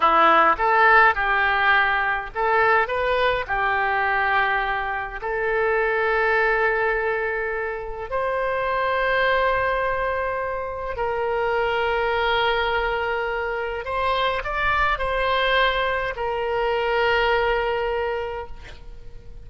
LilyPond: \new Staff \with { instrumentName = "oboe" } { \time 4/4 \tempo 4 = 104 e'4 a'4 g'2 | a'4 b'4 g'2~ | g'4 a'2.~ | a'2 c''2~ |
c''2. ais'4~ | ais'1 | c''4 d''4 c''2 | ais'1 | }